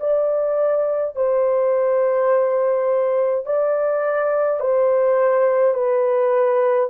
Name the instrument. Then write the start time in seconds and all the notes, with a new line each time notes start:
horn
0.00 D5
1.16 C5
3.46 D5
4.60 C5
5.74 B4